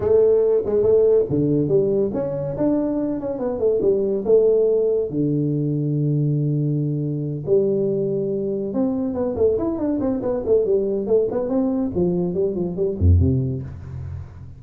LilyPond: \new Staff \with { instrumentName = "tuba" } { \time 4/4 \tempo 4 = 141 a4. gis8 a4 d4 | g4 cis'4 d'4. cis'8 | b8 a8 g4 a2 | d1~ |
d4. g2~ g8~ | g8 c'4 b8 a8 e'8 d'8 c'8 | b8 a8 g4 a8 b8 c'4 | f4 g8 f8 g8 f,8 c4 | }